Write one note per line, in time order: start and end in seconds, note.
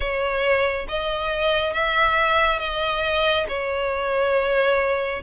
0.00 0.87 C#5
0.88 1.73 D#5
1.73 2.58 E5
2.58 3.45 D#5
3.48 5.22 C#5